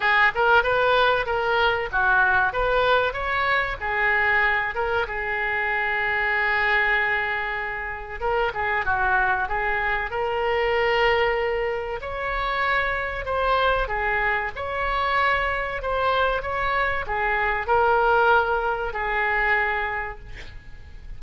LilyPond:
\new Staff \with { instrumentName = "oboe" } { \time 4/4 \tempo 4 = 95 gis'8 ais'8 b'4 ais'4 fis'4 | b'4 cis''4 gis'4. ais'8 | gis'1~ | gis'4 ais'8 gis'8 fis'4 gis'4 |
ais'2. cis''4~ | cis''4 c''4 gis'4 cis''4~ | cis''4 c''4 cis''4 gis'4 | ais'2 gis'2 | }